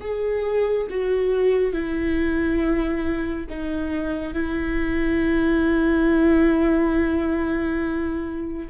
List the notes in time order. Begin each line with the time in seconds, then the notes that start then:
0.00 G#4
0.90 F#4
1.72 E4
3.49 D#4
4.34 E4